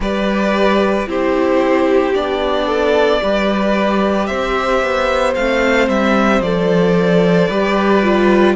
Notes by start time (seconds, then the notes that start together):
0.00 G3 G4 B4 D5
1.06 C4 E4 G4 C5
2.14 B3 D4 D5
2.66 A4
3.22 G3 G4 B4
4.26 C4 C5 E5
4.82 B3
5.35 A3 C4 F5
5.88 G3 E5
6.40 F3 A4 D5
7.48 G3 G4 B4
8.02 F4